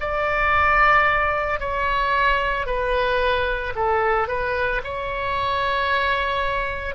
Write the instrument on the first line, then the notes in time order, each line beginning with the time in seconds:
oboe
0.00 D5
1.60 C#5
2.66 B4
3.75 A4
4.28 B4
4.84 C#5